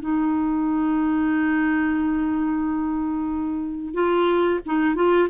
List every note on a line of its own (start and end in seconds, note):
0.00 3.94 D#4
3.94 4.60 F4
4.66 4.95 D#4
4.95 5.28 F4